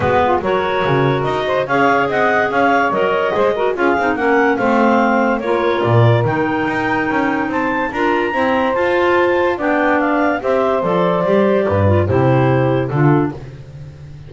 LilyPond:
<<
  \new Staff \with { instrumentName = "clarinet" } { \time 4/4 \tempo 4 = 144 b'4 cis''2 dis''4 | f''4 fis''4 f''4 dis''4~ | dis''4 f''4 fis''4 f''4~ | f''4 cis''4 d''4 g''4~ |
g''2 a''4 ais''4~ | ais''4 a''2 g''4 | f''4 e''4 d''2~ | d''4 c''2 a'4 | }
  \new Staff \with { instrumentName = "saxophone" } { \time 4/4 fis'8 f'8 ais'2~ ais'8 c''8 | cis''4 dis''4 cis''2 | c''8 ais'8 gis'4 ais'4 c''4~ | c''4 ais'2.~ |
ais'2 c''4 ais'4 | c''2. d''4~ | d''4 c''2. | b'4 g'2 f'4 | }
  \new Staff \with { instrumentName = "clarinet" } { \time 4/4 b4 fis'2. | gis'2. ais'4 | gis'8 fis'8 f'8 dis'8 cis'4 c'4~ | c'4 f'2 dis'4~ |
dis'2. f'4 | c'4 f'2 d'4~ | d'4 g'4 a'4 g'4~ | g'8 f'8 e'2 d'4 | }
  \new Staff \with { instrumentName = "double bass" } { \time 4/4 gis4 fis4 cis4 dis'4 | cis'4 c'4 cis'4 fis4 | gis4 cis'8 c'8 ais4 a4~ | a4 ais4 ais,4 dis4 |
dis'4 cis'4 c'4 d'4 | e'4 f'2 b4~ | b4 c'4 f4 g4 | g,4 c2 d4 | }
>>